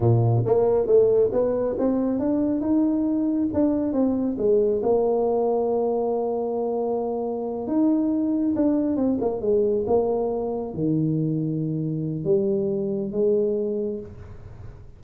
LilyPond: \new Staff \with { instrumentName = "tuba" } { \time 4/4 \tempo 4 = 137 ais,4 ais4 a4 b4 | c'4 d'4 dis'2 | d'4 c'4 gis4 ais4~ | ais1~ |
ais4. dis'2 d'8~ | d'8 c'8 ais8 gis4 ais4.~ | ais8 dis2.~ dis8 | g2 gis2 | }